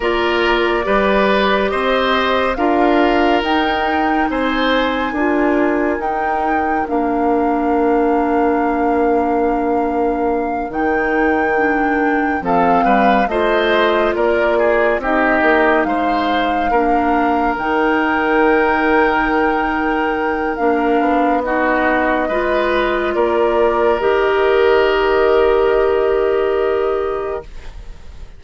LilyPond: <<
  \new Staff \with { instrumentName = "flute" } { \time 4/4 \tempo 4 = 70 d''2 dis''4 f''4 | g''4 gis''2 g''4 | f''1~ | f''8 g''2 f''4 dis''8~ |
dis''8 d''4 dis''4 f''4.~ | f''8 g''2.~ g''8 | f''4 dis''2 d''4 | dis''1 | }
  \new Staff \with { instrumentName = "oboe" } { \time 4/4 ais'4 b'4 c''4 ais'4~ | ais'4 c''4 ais'2~ | ais'1~ | ais'2~ ais'8 a'8 b'8 c''8~ |
c''8 ais'8 gis'8 g'4 c''4 ais'8~ | ais'1~ | ais'4 fis'4 b'4 ais'4~ | ais'1 | }
  \new Staff \with { instrumentName = "clarinet" } { \time 4/4 f'4 g'2 f'4 | dis'2 f'4 dis'4 | d'1~ | d'8 dis'4 d'4 c'4 f'8~ |
f'4. dis'2 d'8~ | d'8 dis'2.~ dis'8 | d'4 dis'4 f'2 | g'1 | }
  \new Staff \with { instrumentName = "bassoon" } { \time 4/4 ais4 g4 c'4 d'4 | dis'4 c'4 d'4 dis'4 | ais1~ | ais8 dis2 f8 g8 a8~ |
a8 ais4 c'8 ais8 gis4 ais8~ | ais8 dis2.~ dis8 | ais8 b4. gis4 ais4 | dis1 | }
>>